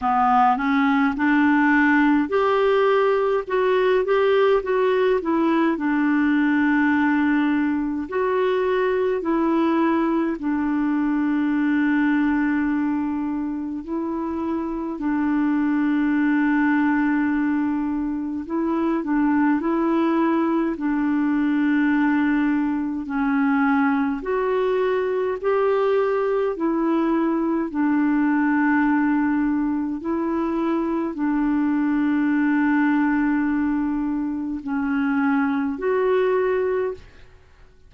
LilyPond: \new Staff \with { instrumentName = "clarinet" } { \time 4/4 \tempo 4 = 52 b8 cis'8 d'4 g'4 fis'8 g'8 | fis'8 e'8 d'2 fis'4 | e'4 d'2. | e'4 d'2. |
e'8 d'8 e'4 d'2 | cis'4 fis'4 g'4 e'4 | d'2 e'4 d'4~ | d'2 cis'4 fis'4 | }